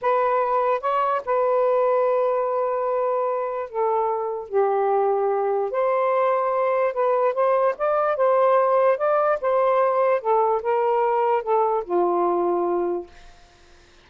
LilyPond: \new Staff \with { instrumentName = "saxophone" } { \time 4/4 \tempo 4 = 147 b'2 cis''4 b'4~ | b'1~ | b'4 a'2 g'4~ | g'2 c''2~ |
c''4 b'4 c''4 d''4 | c''2 d''4 c''4~ | c''4 a'4 ais'2 | a'4 f'2. | }